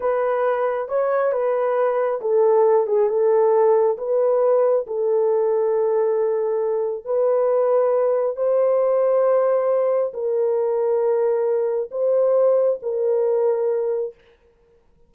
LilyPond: \new Staff \with { instrumentName = "horn" } { \time 4/4 \tempo 4 = 136 b'2 cis''4 b'4~ | b'4 a'4. gis'8 a'4~ | a'4 b'2 a'4~ | a'1 |
b'2. c''4~ | c''2. ais'4~ | ais'2. c''4~ | c''4 ais'2. | }